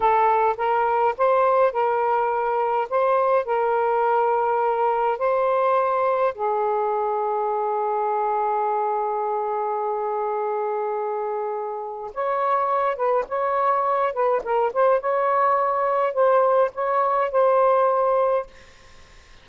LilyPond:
\new Staff \with { instrumentName = "saxophone" } { \time 4/4 \tempo 4 = 104 a'4 ais'4 c''4 ais'4~ | ais'4 c''4 ais'2~ | ais'4 c''2 gis'4~ | gis'1~ |
gis'1~ | gis'4 cis''4. b'8 cis''4~ | cis''8 b'8 ais'8 c''8 cis''2 | c''4 cis''4 c''2 | }